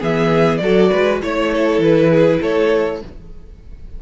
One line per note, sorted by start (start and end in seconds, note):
0.00 0.61 E3
0.00 0.60 B3
0.00 0.60 G#4
0.00 0.57 E5
0.57 0.91 F#3
0.57 0.91 A4
0.57 1.17 D5
0.63 1.21 F#4
0.91 1.23 G#3
0.91 1.21 B4
1.21 1.78 A3
1.21 3.01 E4
1.21 1.83 C#5
1.21 1.53 C#5
1.53 2.10 A4
1.78 2.38 E3
1.78 2.42 B4
2.10 2.40 G#4
2.41 3.02 A3
2.41 3.01 A4
2.41 3.02 C#5